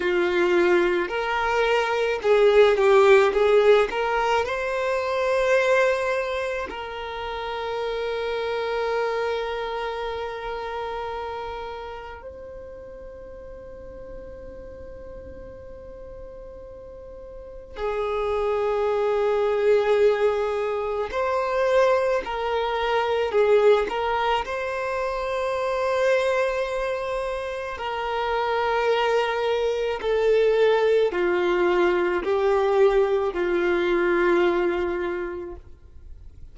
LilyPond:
\new Staff \with { instrumentName = "violin" } { \time 4/4 \tempo 4 = 54 f'4 ais'4 gis'8 g'8 gis'8 ais'8 | c''2 ais'2~ | ais'2. c''4~ | c''1 |
gis'2. c''4 | ais'4 gis'8 ais'8 c''2~ | c''4 ais'2 a'4 | f'4 g'4 f'2 | }